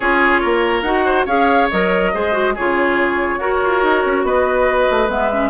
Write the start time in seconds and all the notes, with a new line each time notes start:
0.00 C#4 F4 G#4 C#5
0.41 A#3 A#4
0.82 D#4 F#4 F#5
1.05 C5
1.25 C#4 G#4 C#5 F5
1.69 F#3 A#4 D#5
2.14 G#3 G#4 C5
2.32 F#4
2.54 C#3 F4 G#4 C#5
3.37 F#4 A#4
3.63 F4
3.83 D#4
4.05 C#4
4.23 B3 B4 D#5
4.90 A3
5.08 G#3 B3 E5
5.32 C#4